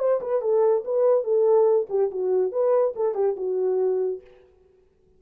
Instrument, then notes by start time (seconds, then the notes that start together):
horn
0.00 C5
0.21 B4
0.42 A4
0.85 B4
1.24 A4
1.90 G4
2.11 F#4
2.52 B4
2.96 A4
3.15 G4
3.37 F#4